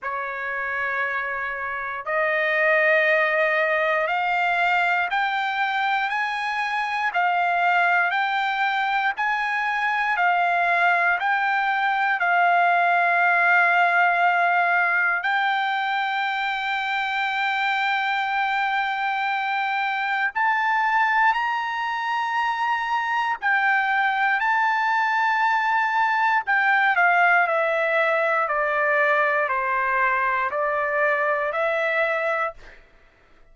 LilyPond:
\new Staff \with { instrumentName = "trumpet" } { \time 4/4 \tempo 4 = 59 cis''2 dis''2 | f''4 g''4 gis''4 f''4 | g''4 gis''4 f''4 g''4 | f''2. g''4~ |
g''1 | a''4 ais''2 g''4 | a''2 g''8 f''8 e''4 | d''4 c''4 d''4 e''4 | }